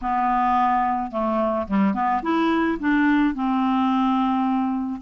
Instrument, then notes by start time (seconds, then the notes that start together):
clarinet
0.01 B3
1.11 A3
1.67 G3
1.93 B3
2.22 E4
2.79 D4
3.34 C4